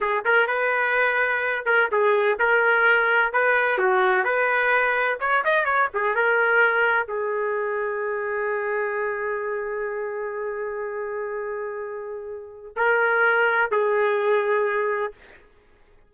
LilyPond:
\new Staff \with { instrumentName = "trumpet" } { \time 4/4 \tempo 4 = 127 gis'8 ais'8 b'2~ b'8 ais'8 | gis'4 ais'2 b'4 | fis'4 b'2 cis''8 dis''8 | cis''8 gis'8 ais'2 gis'4~ |
gis'1~ | gis'1~ | gis'2. ais'4~ | ais'4 gis'2. | }